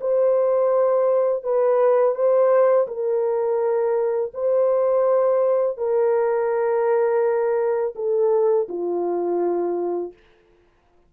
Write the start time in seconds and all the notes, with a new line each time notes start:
0.00 C5
1.43 B4
2.15 C5
2.87 A#4
4.34 C5
5.77 A#4
7.95 A4
8.68 F4